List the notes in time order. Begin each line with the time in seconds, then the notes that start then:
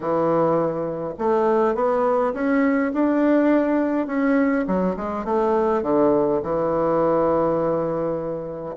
0.00 E3
1.18 A3
1.74 B3
2.33 C#4
2.93 D4
4.06 C#4
4.67 F#3
4.96 G#3
5.24 A3
5.82 D3
6.42 E3